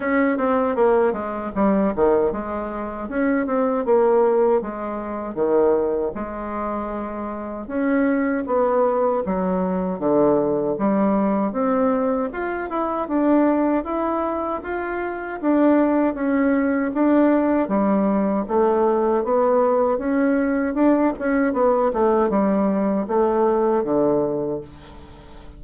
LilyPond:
\new Staff \with { instrumentName = "bassoon" } { \time 4/4 \tempo 4 = 78 cis'8 c'8 ais8 gis8 g8 dis8 gis4 | cis'8 c'8 ais4 gis4 dis4 | gis2 cis'4 b4 | fis4 d4 g4 c'4 |
f'8 e'8 d'4 e'4 f'4 | d'4 cis'4 d'4 g4 | a4 b4 cis'4 d'8 cis'8 | b8 a8 g4 a4 d4 | }